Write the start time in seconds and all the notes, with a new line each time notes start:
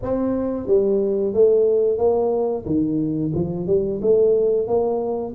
0.02 C4
0.67 G3
1.33 A3
1.98 A#3
2.65 D#3
3.34 F3
3.67 G3
4.02 A3
4.67 A#3